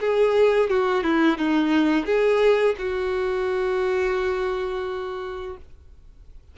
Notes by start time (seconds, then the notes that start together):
0.00 G#4
0.69 F#4
1.03 E4
1.37 D#4
2.05 G#4
2.78 F#4